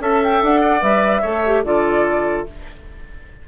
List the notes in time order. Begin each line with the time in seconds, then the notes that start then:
0.00 C#4 A4 E5 A5
0.24 G5
0.43 D4 F#5
0.61 D5
0.81 G3 B4 E5
1.22 A3 A4 C#5
1.46 G4
1.64 D3 F4 A4 D5